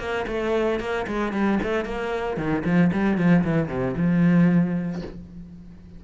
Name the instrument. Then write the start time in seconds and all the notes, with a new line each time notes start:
cello
0.00 A#3
0.28 A3
0.80 A#3
1.08 G#3
1.33 G3
1.64 A3
1.86 A#3
2.38 D#3
2.65 F3
2.93 G3
3.18 F3
3.45 E3
3.69 C3
3.97 F3